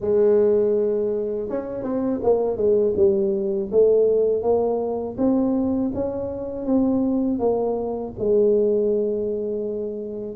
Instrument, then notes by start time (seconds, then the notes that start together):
tuba
0.00 G#3
1.48 C#4
1.83 C4
2.23 A#3
2.56 G#3
2.96 G3
3.71 A3
4.42 A#3
5.17 C4
5.94 C#4
6.65 C4
7.39 A#3
8.18 G#3